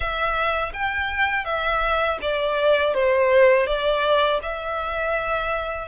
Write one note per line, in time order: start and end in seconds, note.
0.00 0.72 E5
0.73 1.44 G5
1.44 2.18 E5
2.21 2.93 D5
2.93 3.66 C5
3.66 4.39 D5
4.42 5.88 E5